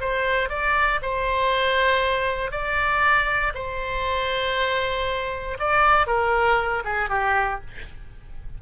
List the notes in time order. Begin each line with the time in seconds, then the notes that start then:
0.00 C5
0.49 D5
1.02 C5
2.51 D5
3.54 C5
5.59 D5
6.06 A#4
6.84 G#4
7.09 G4